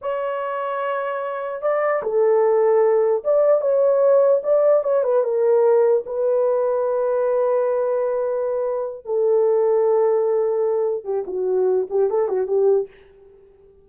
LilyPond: \new Staff \with { instrumentName = "horn" } { \time 4/4 \tempo 4 = 149 cis''1 | d''4 a'2. | d''4 cis''2 d''4 | cis''8 b'8 ais'2 b'4~ |
b'1~ | b'2~ b'8 a'4.~ | a'2.~ a'8 g'8 | fis'4. g'8 a'8 fis'8 g'4 | }